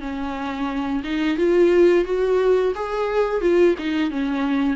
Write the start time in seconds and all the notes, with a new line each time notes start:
0.00 C#4
1.04 D#4
1.37 F4
2.05 F#4
2.75 G#4
3.41 F4
3.78 D#4
4.10 C#4